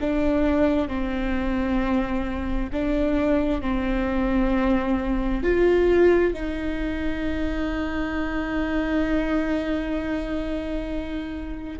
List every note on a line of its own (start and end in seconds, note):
0.00 0.88 D4
0.88 2.70 C4
2.72 3.61 D4
3.61 5.43 C4
5.43 6.33 F4
6.33 11.79 D#4